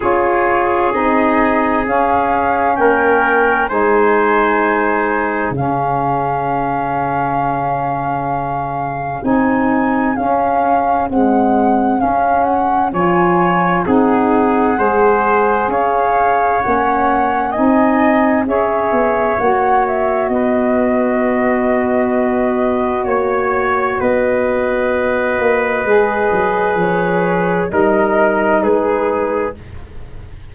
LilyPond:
<<
  \new Staff \with { instrumentName = "flute" } { \time 4/4 \tempo 4 = 65 cis''4 dis''4 f''4 g''4 | gis''2 f''2~ | f''2 gis''4 f''4 | fis''4 f''8 fis''8 gis''4 fis''4~ |
fis''4 f''4 fis''4 gis''4 | e''4 fis''8 e''8 dis''2~ | dis''4 cis''4 dis''2~ | dis''4 cis''4 dis''4 b'4 | }
  \new Staff \with { instrumentName = "trumpet" } { \time 4/4 gis'2. ais'4 | c''2 gis'2~ | gis'1~ | gis'2 cis''4 gis'4 |
c''4 cis''2 dis''4 | cis''2 b'2~ | b'4 cis''4 b'2~ | b'2 ais'4 gis'4 | }
  \new Staff \with { instrumentName = "saxophone" } { \time 4/4 f'4 dis'4 cis'2 | dis'2 cis'2~ | cis'2 dis'4 cis'4 | gis4 cis'4 f'4 dis'4 |
gis'2 cis'4 dis'4 | gis'4 fis'2.~ | fis'1 | gis'2 dis'2 | }
  \new Staff \with { instrumentName = "tuba" } { \time 4/4 cis'4 c'4 cis'4 ais4 | gis2 cis2~ | cis2 c'4 cis'4 | c'4 cis'4 f4 c'4 |
gis4 cis'4 ais4 c'4 | cis'8 b8 ais4 b2~ | b4 ais4 b4. ais8 | gis8 fis8 f4 g4 gis4 | }
>>